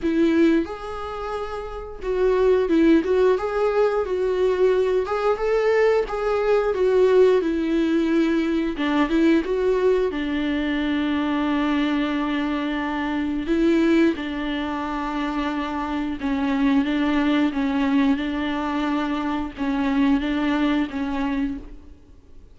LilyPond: \new Staff \with { instrumentName = "viola" } { \time 4/4 \tempo 4 = 89 e'4 gis'2 fis'4 | e'8 fis'8 gis'4 fis'4. gis'8 | a'4 gis'4 fis'4 e'4~ | e'4 d'8 e'8 fis'4 d'4~ |
d'1 | e'4 d'2. | cis'4 d'4 cis'4 d'4~ | d'4 cis'4 d'4 cis'4 | }